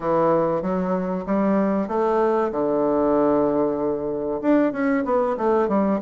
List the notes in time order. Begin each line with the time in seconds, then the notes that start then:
0.00 E3
0.61 F#3
1.25 G3
1.88 A3
2.51 D3
4.41 D4
4.72 C#4
5.04 B3
5.37 A3
5.68 G3